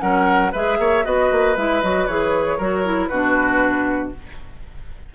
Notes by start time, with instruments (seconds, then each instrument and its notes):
0.00 bassoon F#3, clarinet C#4, oboe A#4, flute F#5
0.52 bassoon G#3, clarinet G#4, oboe B4, flute E5
0.79 bassoon A#3, oboe C#5
1.05 bassoon B3, clarinet F#4, oboe B4, flute D#5
1.32 bassoon A#3
1.57 bassoon G#3, clarinet E4, flute E5
1.82 bassoon F#3, clarinet F#4, flute D#5
2.07 bassoon E3, clarinet G#4, flute C#5
2.58 bassoon F#3, clarinet F#4, oboe A#4
2.84 clarinet E4
3.07 bassoon B2, clarinet D4, oboe F#4, flute B4